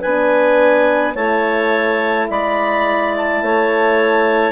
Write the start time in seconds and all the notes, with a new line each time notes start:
0.00 B3 D4 B4 G#5
1.15 A3 E4 C#5 A5
2.30 G#3 D5 B5
3.17 A5
3.42 A3 C#5